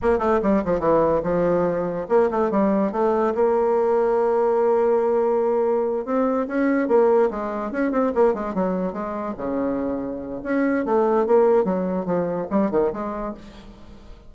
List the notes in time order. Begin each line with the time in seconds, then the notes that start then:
0.02 A#3
0.19 A3
0.42 G3
0.65 F3
0.79 E3
1.23 F3
2.08 A#3
2.30 A3
2.50 G3
2.91 A3
3.34 A#3
6.05 C4
6.47 C#4
6.88 A#3
7.30 G#3
7.71 C#4
7.91 C4
8.14 A#3
8.34 G#3
8.54 F#3
8.92 G#3
9.37 C#3
10.43 C#4
10.85 A3
11.26 A#3
11.64 F#3
12.05 F3
12.50 G3
12.70 D#3
12.93 G#3